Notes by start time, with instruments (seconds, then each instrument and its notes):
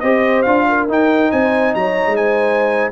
0.00 tuba C4, trombone G4, horn C5, trumpet D#5
0.42 tuba D4, trombone F4, trumpet F5
0.69 horn A#4
0.88 tuba D#4, trombone D#4, trumpet G5
1.32 tuba C4, horn C5, trumpet G#5
1.75 tuba F#3, horn C#5, trumpet A#5
2.06 tuba G#3
2.16 horn C5, trumpet G#5